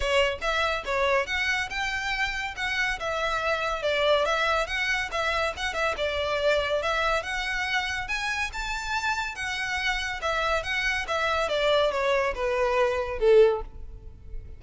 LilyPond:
\new Staff \with { instrumentName = "violin" } { \time 4/4 \tempo 4 = 141 cis''4 e''4 cis''4 fis''4 | g''2 fis''4 e''4~ | e''4 d''4 e''4 fis''4 | e''4 fis''8 e''8 d''2 |
e''4 fis''2 gis''4 | a''2 fis''2 | e''4 fis''4 e''4 d''4 | cis''4 b'2 a'4 | }